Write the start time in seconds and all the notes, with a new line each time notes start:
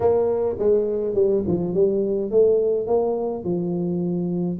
0.00 A#3
0.58 G#3
1.14 G3
1.47 F3
1.73 G3
2.31 A3
2.86 A#3
3.44 F3